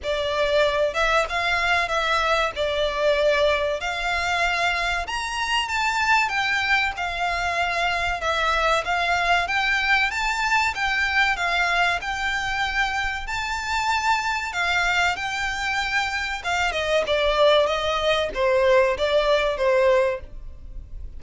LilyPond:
\new Staff \with { instrumentName = "violin" } { \time 4/4 \tempo 4 = 95 d''4. e''8 f''4 e''4 | d''2 f''2 | ais''4 a''4 g''4 f''4~ | f''4 e''4 f''4 g''4 |
a''4 g''4 f''4 g''4~ | g''4 a''2 f''4 | g''2 f''8 dis''8 d''4 | dis''4 c''4 d''4 c''4 | }